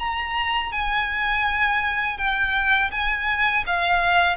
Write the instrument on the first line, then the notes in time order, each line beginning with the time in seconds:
violin
0.00 A#5
0.73 G#5
2.18 G5
2.92 G#5
3.67 F5